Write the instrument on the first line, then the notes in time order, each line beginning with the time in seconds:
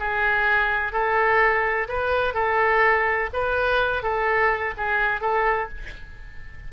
oboe
0.00 G#4
0.93 A4
1.89 B4
2.35 A4
3.34 B4
4.03 A4
4.78 G#4
5.21 A4